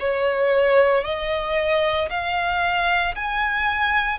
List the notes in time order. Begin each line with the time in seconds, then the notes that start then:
0.00 C#5
1.04 D#5
2.10 F5
3.16 G#5